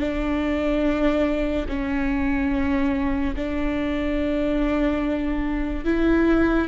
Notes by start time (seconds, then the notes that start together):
0.00 D4
1.69 C#4
3.36 D4
5.85 E4